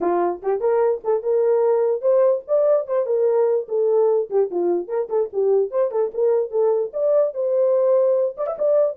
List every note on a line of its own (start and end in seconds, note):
0.00 0.41 F4
0.42 0.60 G4
0.60 1.01 A#4
1.03 1.22 A4
1.22 2.01 A#4
2.01 2.42 C5
2.47 2.86 D5
2.86 3.06 C5
3.06 3.67 A#4
3.68 4.29 A4
4.30 4.50 G4
4.50 4.88 F4
4.88 5.08 A#4
5.09 5.29 A4
5.32 5.70 G4
5.70 5.91 C5
5.91 6.11 A4
6.14 6.50 A#4
6.50 6.91 A4
6.93 7.34 D5
7.34 8.36 C5
8.37 8.46 D5
8.46 8.56 E5
8.58 8.96 D5